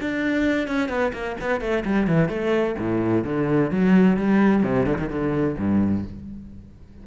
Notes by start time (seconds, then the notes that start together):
0.00 D4
0.67 C#4
0.88 B3
1.13 A#3
1.40 B3
1.60 A3
1.84 G3
2.07 E3
2.29 A3
2.78 A2
3.24 D3
3.70 F#3
4.16 G3
4.63 C3
4.86 D3
4.98 D#3
5.09 D3
5.58 G2